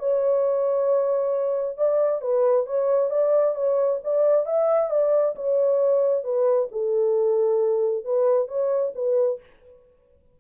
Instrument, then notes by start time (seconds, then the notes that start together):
horn
0.00 C#5
1.78 D5
2.22 B4
2.66 C#5
3.11 D5
3.55 C#5
4.04 D5
4.46 E5
4.91 D5
5.36 C#5
6.24 B4
6.72 A4
8.05 B4
8.48 C#5
8.96 B4